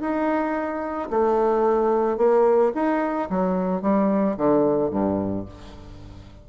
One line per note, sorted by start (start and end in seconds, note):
0.00 1.09 D#4
1.10 2.17 A3
2.17 2.72 A#3
2.74 3.29 D#4
3.30 3.82 F#3
3.82 4.36 G3
4.37 4.90 D3
4.90 5.45 G2